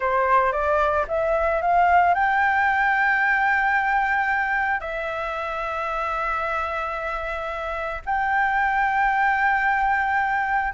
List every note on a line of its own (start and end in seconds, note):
0.00 0.52 C5
0.52 1.06 D5
1.08 1.61 E5
1.61 2.14 F5
2.14 4.80 G5
4.80 8.01 E5
8.05 10.73 G5